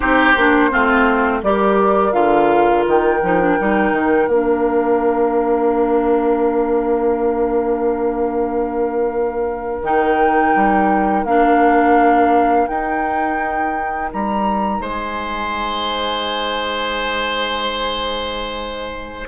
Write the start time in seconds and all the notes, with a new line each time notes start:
0.00 C4 D#4 G4 C5
0.36 A#3 D4
0.71 A3 C4 F4
1.42 G3 G4 A#4 D5
2.12 D3 F4 F5
2.86 D#3 G5
3.22 F3 D#4
3.40 D4
3.59 G3 D#4
3.92 D#3
4.27 A#3 D4 F5
9.82 D#3 D#4 G5
10.55 G3
11.24 A#3 D4 F5
12.67 D#4 G5
14.12 G3 A#5
14.79 G#3 C5 G#5